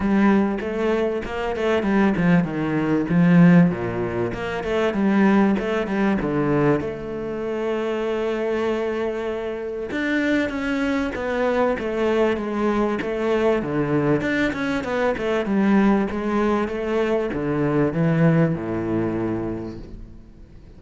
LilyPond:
\new Staff \with { instrumentName = "cello" } { \time 4/4 \tempo 4 = 97 g4 a4 ais8 a8 g8 f8 | dis4 f4 ais,4 ais8 a8 | g4 a8 g8 d4 a4~ | a1 |
d'4 cis'4 b4 a4 | gis4 a4 d4 d'8 cis'8 | b8 a8 g4 gis4 a4 | d4 e4 a,2 | }